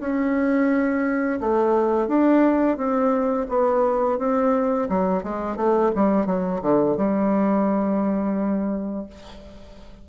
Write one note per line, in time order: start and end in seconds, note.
0.00 1.40 C#4
1.40 2.08 A3
2.08 2.77 D4
2.77 3.47 C4
3.49 4.19 B3
4.19 4.88 C4
4.89 5.23 F#3
5.23 5.56 G#3
5.56 5.91 A3
5.95 6.26 G3
6.26 6.61 F#3
6.62 6.97 D3
6.97 9.06 G3